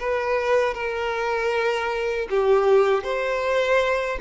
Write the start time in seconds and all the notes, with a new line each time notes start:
0.00 B4
0.74 A#4
2.31 G4
3.04 C5